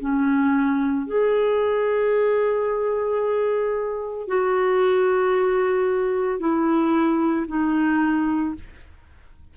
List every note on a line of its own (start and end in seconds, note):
0.00 1.07 C#4
1.07 4.28 G#4
4.28 6.39 F#4
6.39 7.47 E4
7.48 8.55 D#4